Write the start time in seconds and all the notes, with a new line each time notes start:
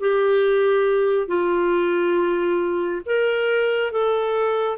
0.00 G4
1.27 F4
3.05 A#4
3.91 A4